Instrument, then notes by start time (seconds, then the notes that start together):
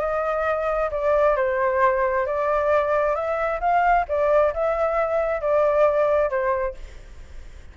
flute
0.00 D#5
0.91 D5
1.36 C5
2.26 D5
3.15 E5
3.60 F5
4.08 D5
4.54 E5
5.41 D5
6.30 C5